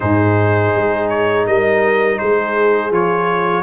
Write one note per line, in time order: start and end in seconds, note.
0.00 0.74 G#2
0.00 2.92 D#4
0.00 1.46 G#4
0.00 1.09 C5
0.75 1.47 G#3
1.09 1.45 C#5
1.46 2.20 G3
1.46 2.20 A#4
1.46 2.18 D#5
2.18 2.91 G#3
2.18 3.63 G#4
2.18 2.91 C5
2.91 3.63 F3
2.91 3.63 F4
2.91 3.63 C#5